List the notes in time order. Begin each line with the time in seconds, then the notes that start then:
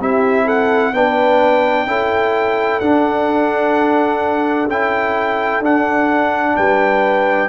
0.00 C4 E4 G4 E5
0.45 A4 F#5
0.93 B3 D4 B4 G5
1.86 C#4 E4 A4
2.80 D4 F#5
4.68 C#4 E4 G5
5.60 D4 F#5
6.56 G3 B4 G5